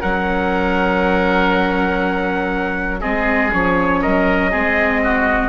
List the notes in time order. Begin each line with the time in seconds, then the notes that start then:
0.00 F#3 C#4 A#4 F#5
3.00 G#3 C4 G#4 D#5
3.52 F3 C#4 C#5
4.02 F#3 A#4 D#5
4.51 G#3 C4 G#4
5.03 F#4